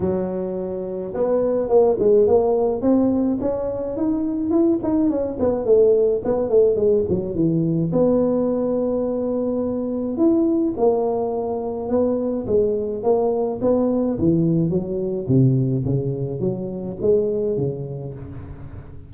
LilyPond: \new Staff \with { instrumentName = "tuba" } { \time 4/4 \tempo 4 = 106 fis2 b4 ais8 gis8 | ais4 c'4 cis'4 dis'4 | e'8 dis'8 cis'8 b8 a4 b8 a8 | gis8 fis8 e4 b2~ |
b2 e'4 ais4~ | ais4 b4 gis4 ais4 | b4 e4 fis4 c4 | cis4 fis4 gis4 cis4 | }